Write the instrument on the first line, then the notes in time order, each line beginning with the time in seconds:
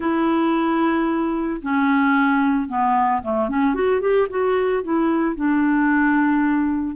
clarinet
0.00 E4
1.62 C#4
2.68 B3
3.22 A3
3.48 C#4
3.74 F#4
4.01 G4
4.29 F#4
4.83 E4
5.35 D4